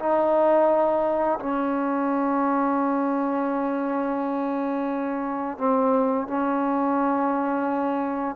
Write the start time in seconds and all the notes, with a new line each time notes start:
0.00 D#4
1.40 C#4
5.58 C4
6.28 C#4